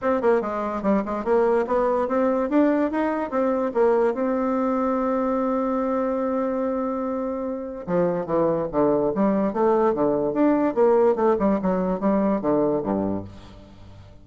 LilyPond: \new Staff \with { instrumentName = "bassoon" } { \time 4/4 \tempo 4 = 145 c'8 ais8 gis4 g8 gis8 ais4 | b4 c'4 d'4 dis'4 | c'4 ais4 c'2~ | c'1~ |
c'2. f4 | e4 d4 g4 a4 | d4 d'4 ais4 a8 g8 | fis4 g4 d4 g,4 | }